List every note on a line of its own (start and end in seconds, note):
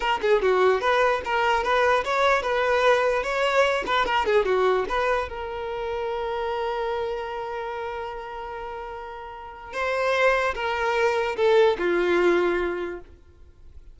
0.00 0.20 A#4
0.21 0.41 G#4
0.41 0.81 F#4
0.81 1.21 B4
1.24 1.63 A#4
1.63 2.04 B4
2.04 2.42 C#5
2.42 3.23 B4
3.23 3.84 C#5
3.86 4.05 B4
4.05 4.25 A#4
4.25 4.45 G#4
4.45 4.85 F#4
4.88 5.29 B4
5.29 9.73 A#4
9.73 10.54 C5
10.55 11.36 A#4
11.36 11.77 A4
11.78 13.00 F4